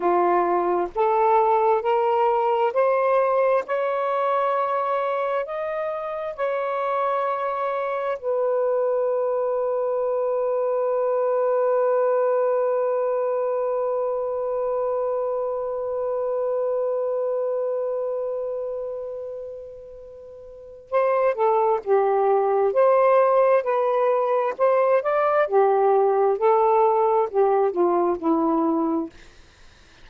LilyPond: \new Staff \with { instrumentName = "saxophone" } { \time 4/4 \tempo 4 = 66 f'4 a'4 ais'4 c''4 | cis''2 dis''4 cis''4~ | cis''4 b'2.~ | b'1~ |
b'1~ | b'2. c''8 a'8 | g'4 c''4 b'4 c''8 d''8 | g'4 a'4 g'8 f'8 e'4 | }